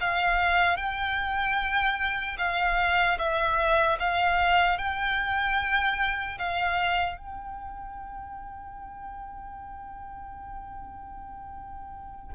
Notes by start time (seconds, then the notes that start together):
0.00 F5
0.77 G5
2.38 F5
3.18 E5
3.99 F5
4.78 G5
6.38 F5
7.17 G5